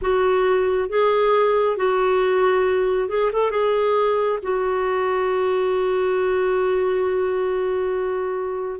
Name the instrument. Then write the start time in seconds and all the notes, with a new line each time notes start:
clarinet
0.01 F#4
0.89 G#4
1.76 F#4
3.08 G#4
3.32 A4
3.51 G#4
4.42 F#4